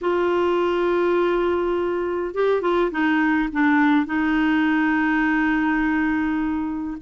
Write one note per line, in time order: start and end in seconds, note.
0.01 2.34 F4
2.34 2.61 G4
2.61 2.90 F4
2.91 3.49 D#4
3.52 4.06 D4
4.06 6.97 D#4